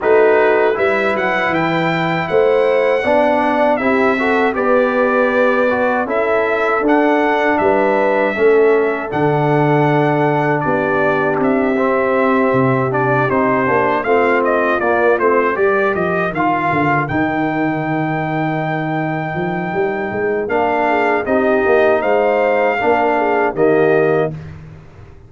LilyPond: <<
  \new Staff \with { instrumentName = "trumpet" } { \time 4/4 \tempo 4 = 79 b'4 e''8 fis''8 g''4 fis''4~ | fis''4 e''4 d''2 | e''4 fis''4 e''2 | fis''2 d''4 e''4~ |
e''4 d''8 c''4 f''8 dis''8 d''8 | c''8 d''8 dis''8 f''4 g''4.~ | g''2. f''4 | dis''4 f''2 dis''4 | }
  \new Staff \with { instrumentName = "horn" } { \time 4/4 fis'4 b'2 c''4 | d''4 g'8 a'8 b'2 | a'2 b'4 a'4~ | a'2 g'2~ |
g'2~ g'8 f'4.~ | f'8 ais'2.~ ais'8~ | ais'2.~ ais'8 gis'8 | g'4 c''4 ais'8 gis'8 g'4 | }
  \new Staff \with { instrumentName = "trombone" } { \time 4/4 dis'4 e'2. | d'4 e'8 fis'8 g'4. fis'8 | e'4 d'2 cis'4 | d'2.~ d'8 c'8~ |
c'4 d'8 dis'8 d'8 c'4 ais8 | c'8 g'4 f'4 dis'4.~ | dis'2. d'4 | dis'2 d'4 ais4 | }
  \new Staff \with { instrumentName = "tuba" } { \time 4/4 a4 g8 fis8 e4 a4 | b4 c'4 b2 | cis'4 d'4 g4 a4 | d2 b4 c'4~ |
c'8 c4 c'8 ais8 a4 ais8 | a8 g8 f8 dis8 d8 dis4.~ | dis4. f8 g8 gis8 ais4 | c'8 ais8 gis4 ais4 dis4 | }
>>